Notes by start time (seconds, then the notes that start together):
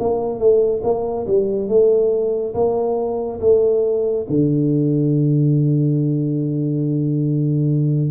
0.00 A#3
0.39 A3
0.84 A#3
1.27 G3
1.69 A3
2.54 A#3
3.41 A3
4.30 D3